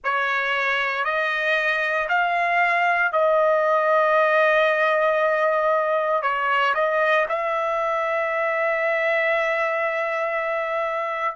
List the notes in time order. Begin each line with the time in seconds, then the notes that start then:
0.03 C#5
1.04 D#5
2.08 F5
3.12 D#5
6.22 C#5
6.74 D#5
7.28 E5